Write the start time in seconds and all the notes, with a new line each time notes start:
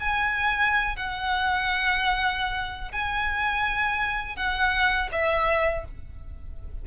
0.00 G#5
0.96 F#5
2.92 G#5
4.37 F#5
5.12 E5